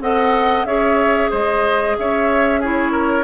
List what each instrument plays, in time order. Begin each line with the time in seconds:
0.00 bassoon C4, clarinet A4, oboe D#5, flute F#5
0.65 bassoon C#4, clarinet G#4, oboe C#5, flute E5
1.30 bassoon G#3, oboe C5, flute D#5
1.98 bassoon C#4, oboe C#5, flute E5
2.60 clarinet E4, oboe G#4, flute C#5
2.91 oboe A#4